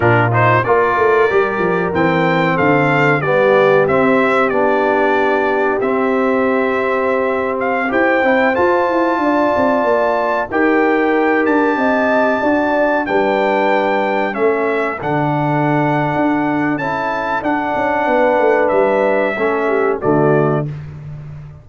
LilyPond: <<
  \new Staff \with { instrumentName = "trumpet" } { \time 4/4 \tempo 4 = 93 ais'8 c''8 d''2 g''4 | f''4 d''4 e''4 d''4~ | d''4 e''2~ e''8. f''16~ | f''16 g''4 a''2~ a''8.~ |
a''16 g''4. a''2~ a''16~ | a''16 g''2 e''4 fis''8.~ | fis''2 a''4 fis''4~ | fis''4 e''2 d''4 | }
  \new Staff \with { instrumentName = "horn" } { \time 4/4 f'4 ais'2. | a'4 g'2.~ | g'1~ | g'16 c''2 d''4.~ d''16~ |
d''16 ais'2 dis''4 d''8.~ | d''16 b'2 a'4.~ a'16~ | a'1 | b'2 a'8 g'8 fis'4 | }
  \new Staff \with { instrumentName = "trombone" } { \time 4/4 d'8 dis'8 f'4 g'4 c'4~ | c'4 b4 c'4 d'4~ | d'4 c'2.~ | c'16 g'8 e'8 f'2~ f'8.~ |
f'16 g'2. fis'8.~ | fis'16 d'2 cis'4 d'8.~ | d'2 e'4 d'4~ | d'2 cis'4 a4 | }
  \new Staff \with { instrumentName = "tuba" } { \time 4/4 ais,4 ais8 a8 g8 f8 e4 | d4 g4 c'4 b4~ | b4 c'2.~ | c'16 e'8 c'8 f'8 e'8 d'8 c'8 ais8.~ |
ais16 dis'4. d'8 c'4 d'8.~ | d'16 g2 a4 d8.~ | d4 d'4 cis'4 d'8 cis'8 | b8 a8 g4 a4 d4 | }
>>